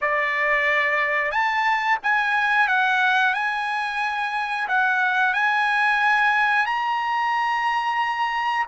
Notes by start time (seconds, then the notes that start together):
0.01 D5
1.31 A5
2.02 G#5
2.68 F#5
3.34 G#5
4.68 F#5
5.33 G#5
6.65 A#5